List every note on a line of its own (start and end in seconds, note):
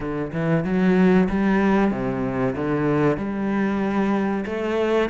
0.00 0.32 D3
0.32 0.64 E3
0.64 1.28 F#3
1.29 1.91 G3
1.91 2.54 C3
2.55 3.17 D3
3.17 4.44 G3
4.45 5.09 A3